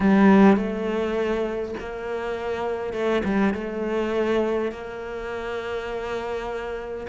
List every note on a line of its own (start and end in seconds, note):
0.00 0.56 G3
0.56 1.74 A3
1.80 2.93 A#3
2.93 3.22 A3
3.24 3.53 G3
3.54 4.71 A3
4.71 7.06 A#3